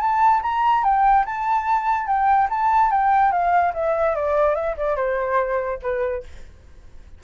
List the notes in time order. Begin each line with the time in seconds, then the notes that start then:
0.00 A5
0.42 A#5
0.84 G5
1.25 A5
2.07 G5
2.50 A5
2.91 G5
3.32 F5
3.74 E5
4.15 D5
4.55 E5
4.77 D5
4.96 C5
5.82 B4